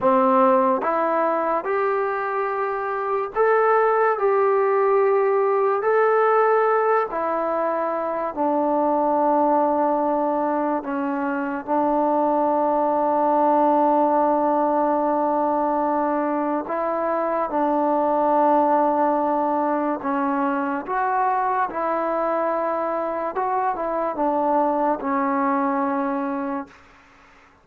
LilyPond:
\new Staff \with { instrumentName = "trombone" } { \time 4/4 \tempo 4 = 72 c'4 e'4 g'2 | a'4 g'2 a'4~ | a'8 e'4. d'2~ | d'4 cis'4 d'2~ |
d'1 | e'4 d'2. | cis'4 fis'4 e'2 | fis'8 e'8 d'4 cis'2 | }